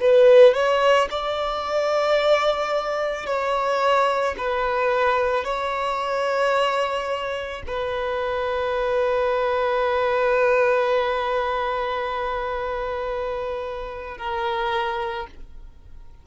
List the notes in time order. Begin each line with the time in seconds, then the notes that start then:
0.00 B4
0.54 C#5
1.11 D5
3.26 C#5
4.37 B4
5.44 C#5
7.67 B4
14.18 A#4